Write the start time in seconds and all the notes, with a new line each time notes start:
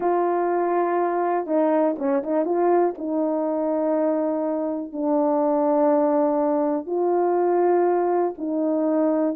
0.00 F4
1.46 D#4
1.98 C#4
2.23 D#4
2.45 F4
2.98 D#4
4.92 D4
6.86 F4
8.37 D#4